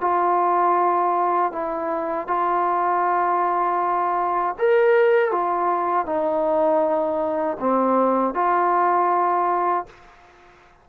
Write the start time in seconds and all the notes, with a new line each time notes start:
0.00 F4
1.52 E4
2.27 F4
4.58 A#4
5.31 F4
6.05 D#4
7.59 C4
8.34 F4